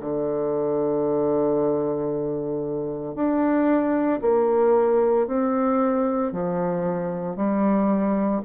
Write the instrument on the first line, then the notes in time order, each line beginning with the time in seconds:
bassoon
0.00 D3
3.15 D4
4.22 A#3
5.27 C4
6.32 F3
7.36 G3